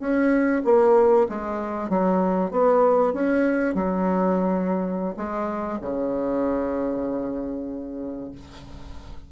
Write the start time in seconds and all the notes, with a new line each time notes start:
0.00 C#4
0.65 A#3
1.29 G#3
1.89 F#3
2.51 B3
3.14 C#4
3.75 F#3
5.17 G#3
5.81 C#3